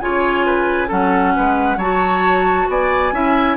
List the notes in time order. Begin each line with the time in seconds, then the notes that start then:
0.00 C#3 F4 C#5 G#5
0.46 B4
0.88 F#3 C#4 A4 F#5
1.36 G#3 B4
1.77 F#3 F#4 C#5 A5
2.69 B3 D5 G#5
3.12 C#4 E4 E5